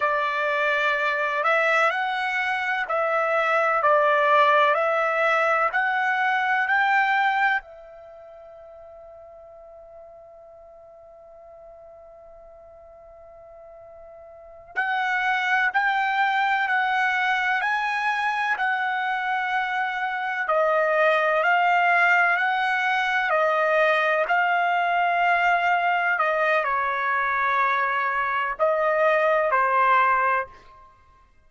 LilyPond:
\new Staff \with { instrumentName = "trumpet" } { \time 4/4 \tempo 4 = 63 d''4. e''8 fis''4 e''4 | d''4 e''4 fis''4 g''4 | e''1~ | e''2.~ e''8 fis''8~ |
fis''8 g''4 fis''4 gis''4 fis''8~ | fis''4. dis''4 f''4 fis''8~ | fis''8 dis''4 f''2 dis''8 | cis''2 dis''4 c''4 | }